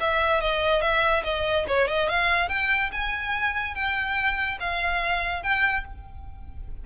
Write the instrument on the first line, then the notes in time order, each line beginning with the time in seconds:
violin
0.00 E5
0.41 D#5
0.82 E5
1.24 D#5
1.68 C#5
1.88 D#5
2.09 F5
2.49 G5
2.92 G#5
3.75 G5
4.60 F5
5.43 G5